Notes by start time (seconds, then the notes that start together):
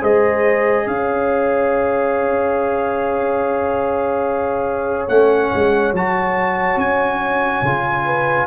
0.00 G#3 G#4 C5 D#5
0.86 C#4 C#5 F5
5.08 A3 C#4 F#5
5.54 G#3
5.92 F#3 F#4 A5
6.76 C#4 G#5
7.62 C#3 F4
8.05 B4